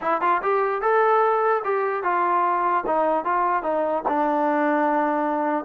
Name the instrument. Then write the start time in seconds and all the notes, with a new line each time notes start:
trombone
0.01 E4
0.21 F4
0.42 G4
0.81 A4
1.64 G4
2.03 F4
2.86 D#4
3.24 F4
3.62 D#4
4.07 D4